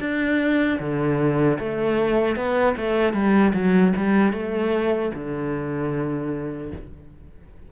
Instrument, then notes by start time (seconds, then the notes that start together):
cello
0.00 D4
0.79 D3
1.59 A3
2.36 B3
2.77 A3
3.13 G3
3.54 F#3
3.96 G3
4.33 A3
5.14 D3